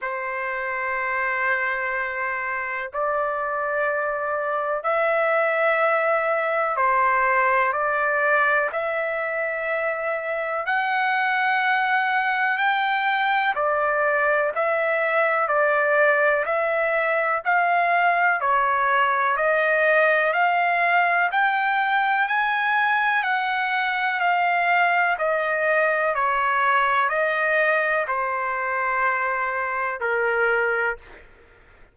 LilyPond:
\new Staff \with { instrumentName = "trumpet" } { \time 4/4 \tempo 4 = 62 c''2. d''4~ | d''4 e''2 c''4 | d''4 e''2 fis''4~ | fis''4 g''4 d''4 e''4 |
d''4 e''4 f''4 cis''4 | dis''4 f''4 g''4 gis''4 | fis''4 f''4 dis''4 cis''4 | dis''4 c''2 ais'4 | }